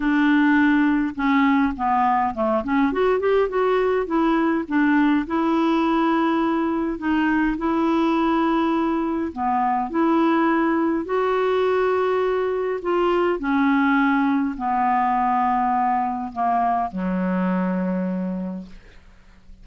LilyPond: \new Staff \with { instrumentName = "clarinet" } { \time 4/4 \tempo 4 = 103 d'2 cis'4 b4 | a8 cis'8 fis'8 g'8 fis'4 e'4 | d'4 e'2. | dis'4 e'2. |
b4 e'2 fis'4~ | fis'2 f'4 cis'4~ | cis'4 b2. | ais4 fis2. | }